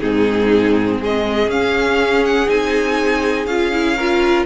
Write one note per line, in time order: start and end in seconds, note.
0.00 1.01 G#2
0.00 1.49 C4
0.00 1.00 D#4
0.00 0.99 G#4
1.00 1.48 G#3
1.00 3.97 G#4
1.00 1.51 D#5
1.48 2.47 C#4
1.48 2.48 C#4
1.48 2.25 F5
2.25 2.50 F#5
2.48 3.47 C4
2.48 3.47 D#4
2.48 3.46 G#5
3.46 4.46 C#4
3.46 3.73 F4
3.46 4.45 F5
3.73 3.97 E4
3.97 4.46 F4
3.97 4.46 A#4